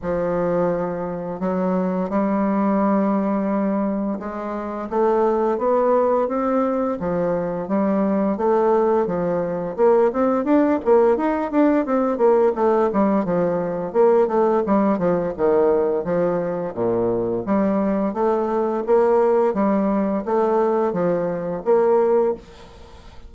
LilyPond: \new Staff \with { instrumentName = "bassoon" } { \time 4/4 \tempo 4 = 86 f2 fis4 g4~ | g2 gis4 a4 | b4 c'4 f4 g4 | a4 f4 ais8 c'8 d'8 ais8 |
dis'8 d'8 c'8 ais8 a8 g8 f4 | ais8 a8 g8 f8 dis4 f4 | ais,4 g4 a4 ais4 | g4 a4 f4 ais4 | }